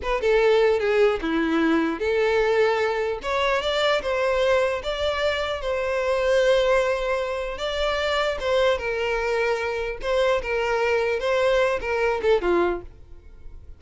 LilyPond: \new Staff \with { instrumentName = "violin" } { \time 4/4 \tempo 4 = 150 b'8 a'4. gis'4 e'4~ | e'4 a'2. | cis''4 d''4 c''2 | d''2 c''2~ |
c''2. d''4~ | d''4 c''4 ais'2~ | ais'4 c''4 ais'2 | c''4. ais'4 a'8 f'4 | }